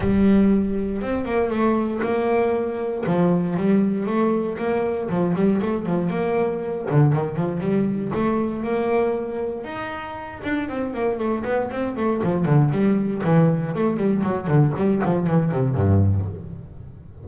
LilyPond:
\new Staff \with { instrumentName = "double bass" } { \time 4/4 \tempo 4 = 118 g2 c'8 ais8 a4 | ais2 f4 g4 | a4 ais4 f8 g8 a8 f8 | ais4. d8 dis8 f8 g4 |
a4 ais2 dis'4~ | dis'8 d'8 c'8 ais8 a8 b8 c'8 a8 | f8 d8 g4 e4 a8 g8 | fis8 d8 g8 f8 e8 c8 g,4 | }